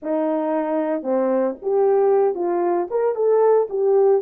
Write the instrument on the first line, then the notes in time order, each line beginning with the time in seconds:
horn
0.02 D#4
1.02 C4
1.61 G4
2.34 F4
2.90 A#4
3.15 A4
3.69 G4